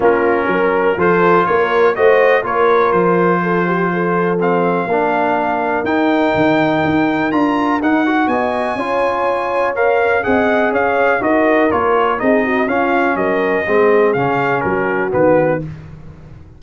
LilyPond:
<<
  \new Staff \with { instrumentName = "trumpet" } { \time 4/4 \tempo 4 = 123 ais'2 c''4 cis''4 | dis''4 cis''4 c''2~ | c''4 f''2. | g''2. ais''4 |
fis''4 gis''2. | f''4 fis''4 f''4 dis''4 | cis''4 dis''4 f''4 dis''4~ | dis''4 f''4 ais'4 b'4 | }
  \new Staff \with { instrumentName = "horn" } { \time 4/4 f'4 ais'4 a'4 ais'4 | c''4 ais'2 a'8 g'8 | a'2 ais'2~ | ais'1~ |
ais'4 dis''4 cis''2~ | cis''4 dis''4 cis''4 ais'4~ | ais'4 gis'8 fis'8 f'4 ais'4 | gis'2 fis'2 | }
  \new Staff \with { instrumentName = "trombone" } { \time 4/4 cis'2 f'2 | fis'4 f'2.~ | f'4 c'4 d'2 | dis'2. f'4 |
dis'8 fis'4. f'2 | ais'4 gis'2 fis'4 | f'4 dis'4 cis'2 | c'4 cis'2 b4 | }
  \new Staff \with { instrumentName = "tuba" } { \time 4/4 ais4 fis4 f4 ais4 | a4 ais4 f2~ | f2 ais2 | dis'4 dis4 dis'4 d'4 |
dis'4 b4 cis'2~ | cis'4 c'4 cis'4 dis'4 | ais4 c'4 cis'4 fis4 | gis4 cis4 fis4 dis4 | }
>>